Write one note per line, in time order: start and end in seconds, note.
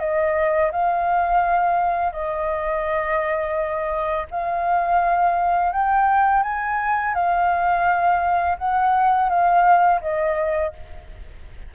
0.00 0.71 D#5
0.72 2.13 F5
2.13 4.27 D#5
4.31 5.72 F5
5.72 6.43 G5
6.43 7.15 G#5
7.15 8.57 F5
8.58 9.30 F#5
9.30 10.01 F5
10.02 10.73 D#5